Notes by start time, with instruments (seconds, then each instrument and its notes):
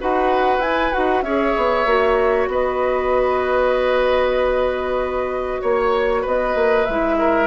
0.00 bassoon D#4, clarinet F#4, oboe B4, flute F#5
0.58 bassoon E4, clarinet E4, flute G#5
0.92 bassoon D#4, clarinet F#4, flute F#5
1.22 bassoon C#4, clarinet G#4, oboe C#5, flute E5
1.57 bassoon B3
1.86 bassoon A#3, clarinet F#4
2.47 bassoon B3, oboe B4, flute D#5
5.62 bassoon A#3, oboe C#5, flute C#5
6.22 bassoon B3, oboe B4, flute D#5
6.55 bassoon A#3
6.86 bassoon G#3, clarinet E4, flute E5
7.19 oboe A#4